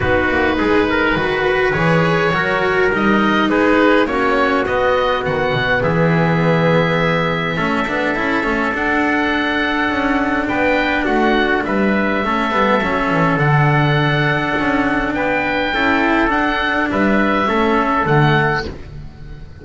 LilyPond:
<<
  \new Staff \with { instrumentName = "oboe" } { \time 4/4 \tempo 4 = 103 b'2. cis''4~ | cis''4 dis''4 b'4 cis''4 | dis''4 fis''4 e''2~ | e''2. fis''4~ |
fis''2 g''4 fis''4 | e''2. fis''4~ | fis''2 g''2 | fis''4 e''2 fis''4 | }
  \new Staff \with { instrumentName = "trumpet" } { \time 4/4 fis'4 gis'8 ais'8 b'2 | ais'2 gis'4 fis'4~ | fis'2 gis'2~ | gis'4 a'2.~ |
a'2 b'4 fis'4 | b'4 a'2.~ | a'2 b'4 a'4~ | a'4 b'4 a'2 | }
  \new Staff \with { instrumentName = "cello" } { \time 4/4 dis'2 fis'4 gis'4 | fis'4 dis'2 cis'4 | b1~ | b4 cis'8 d'8 e'8 cis'8 d'4~ |
d'1~ | d'4 cis'8 b8 cis'4 d'4~ | d'2. e'4 | d'2 cis'4 a4 | }
  \new Staff \with { instrumentName = "double bass" } { \time 4/4 b8 ais8 gis4 dis4 e4 | fis4 g4 gis4 ais4 | b4 dis8 b,8 e2~ | e4 a8 b8 cis'8 a8 d'4~ |
d'4 cis'4 b4 a4 | g4 a8 g8 fis8 e8 d4~ | d4 cis'4 b4 cis'4 | d'4 g4 a4 d4 | }
>>